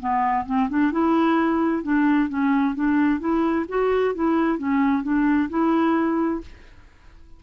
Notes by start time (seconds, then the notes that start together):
0.00 B3
0.46 C4
0.70 D4
0.92 E4
1.83 D4
2.29 C#4
2.75 D4
3.20 E4
3.69 F#4
4.15 E4
4.59 C#4
5.03 D4
5.50 E4